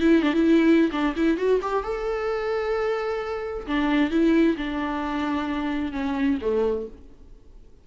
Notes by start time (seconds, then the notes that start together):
0.00 E4
0.22 D4
0.33 E4
0.92 D4
1.16 E4
1.37 F#4
1.62 G4
1.83 A4
3.67 D4
4.11 E4
4.57 D4
5.92 C#4
6.41 A3